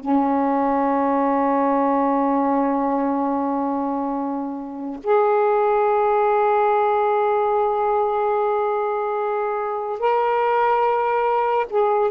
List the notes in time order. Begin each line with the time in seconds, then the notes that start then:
0.00 C#4
5.03 G#4
10.00 A#4
11.70 G#4